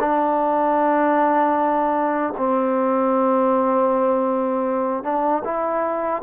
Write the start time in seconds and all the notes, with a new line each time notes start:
0.00 D4
2.38 C4
5.04 D4
5.45 E4